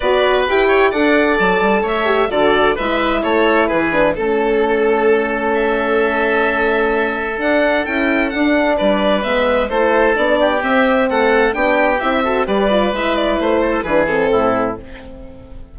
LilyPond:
<<
  \new Staff \with { instrumentName = "violin" } { \time 4/4 \tempo 4 = 130 d''4 g''4 fis''4 a''4 | e''4 d''4 e''4 cis''4 | b'4 a'2. | e''1 |
fis''4 g''4 fis''4 d''4 | e''4 c''4 d''4 e''4 | fis''4 g''4 e''4 d''4 | e''8 d''8 c''4 b'8 a'4. | }
  \new Staff \with { instrumentName = "oboe" } { \time 4/4 b'4. cis''8 d''2 | cis''4 a'4 b'4 a'4 | gis'4 a'2.~ | a'1~ |
a'2. b'4~ | b'4 a'4. g'4. | a'4 g'4. a'8 b'4~ | b'4. a'8 gis'4 e'4 | }
  \new Staff \with { instrumentName = "horn" } { \time 4/4 fis'4 g'4 a'2~ | a'8 g'8 fis'4 e'2~ | e'8 d'8 cis'2.~ | cis'1 |
d'4 e'4 d'2 | b4 e'4 d'4 c'4~ | c'4 d'4 e'8 fis'8 g'8 f'8 | e'2 d'8 c'4. | }
  \new Staff \with { instrumentName = "bassoon" } { \time 4/4 b4 e'4 d'4 fis8 g8 | a4 d4 gis4 a4 | e4 a2.~ | a1 |
d'4 cis'4 d'4 g4 | gis4 a4 b4 c'4 | a4 b4 c'4 g4 | gis4 a4 e4 a,4 | }
>>